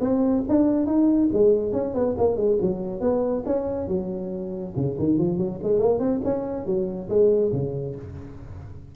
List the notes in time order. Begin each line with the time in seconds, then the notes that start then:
0.00 C4
0.48 D4
0.86 D#4
1.32 G#3
1.72 C#4
1.94 B3
2.17 A#3
2.36 G#3
2.61 F#3
3.00 B3
3.46 C#4
3.87 F#3
4.76 C#3
4.98 D#3
5.18 F3
5.37 F#3
5.62 G#3
5.79 A#3
5.99 C4
6.24 C#4
6.66 F#3
7.09 G#3
7.52 C#3